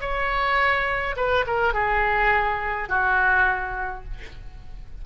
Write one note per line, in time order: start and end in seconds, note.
0.00 1.15 C#5
1.16 1.45 B4
1.46 1.73 A#4
1.73 2.88 G#4
2.88 4.04 F#4